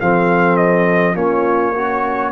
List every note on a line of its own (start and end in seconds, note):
0.00 1.15 F3
0.00 1.14 C4
0.00 1.16 A4
0.00 0.57 F5
0.57 1.15 D#5
1.14 2.31 A#3
1.14 1.73 C#4
1.14 1.75 F4
1.14 2.31 C#5
1.75 2.31 C#4
1.75 2.31 F#4